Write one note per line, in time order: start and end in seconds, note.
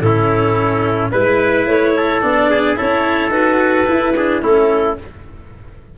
0.00 1.11 A2
0.00 1.13 C#4
0.00 1.11 E4
0.00 1.10 A4
1.11 1.67 G#3
1.11 2.22 E4
1.11 1.94 B4
1.11 1.67 B4
1.67 2.22 A3
1.67 2.22 C#5
1.96 2.50 A4
2.22 2.78 B3
2.22 2.76 D4
2.22 2.77 D5
2.50 2.78 G#4
2.76 3.29 C#4
2.76 3.31 E4
2.76 4.15 A4
2.76 3.32 C#5
3.29 3.84 D#4
3.29 3.86 F#4
3.29 4.42 B4
3.87 4.14 E4
3.87 4.43 E4
4.17 4.42 D4
4.17 4.43 G#4
4.42 4.98 A3
4.42 4.97 C#4
4.42 4.98 E4
4.42 4.98 A4